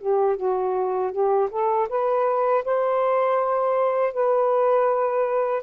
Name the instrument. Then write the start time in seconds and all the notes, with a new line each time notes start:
saxophone
0.00 G4
0.36 F#4
1.11 G4
1.50 A4
1.89 B4
2.65 C5
4.13 B4